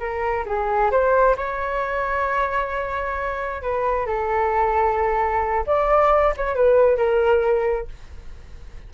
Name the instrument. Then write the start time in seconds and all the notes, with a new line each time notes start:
flute
0.00 A#4
0.46 G#4
0.91 C5
1.37 C#5
3.62 B4
4.07 A4
5.67 D5
6.37 C#5
6.56 B4
6.98 A#4